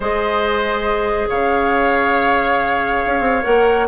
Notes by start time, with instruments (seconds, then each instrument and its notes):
0.00 bassoon G#3, clarinet G#4, oboe C5, flute D#5
1.29 bassoon C#3, oboe C#5, flute F5
3.05 bassoon C#4
3.20 bassoon C4
3.43 bassoon A#3, clarinet A#4, flute F#5